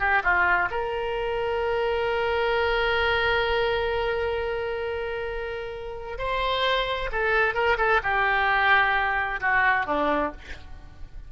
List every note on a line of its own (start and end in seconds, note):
0.00 0.23 G4
0.24 0.70 F4
0.71 6.19 A#4
6.19 7.10 C5
7.12 7.55 A4
7.55 7.78 A#4
7.78 8.01 A4
8.03 9.41 G4
9.41 9.87 F#4
9.87 10.32 D4